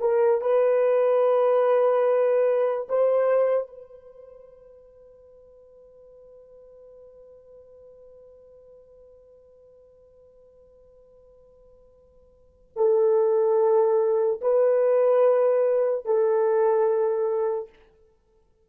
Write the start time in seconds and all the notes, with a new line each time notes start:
0.00 A#4
0.41 B4
2.89 C5
3.67 B4
12.76 A4
14.41 B4
16.05 A4